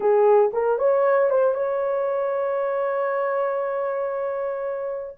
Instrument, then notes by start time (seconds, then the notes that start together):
horn
0.00 G#4
0.53 A#4
0.78 C#5
1.30 C5
1.54 C#5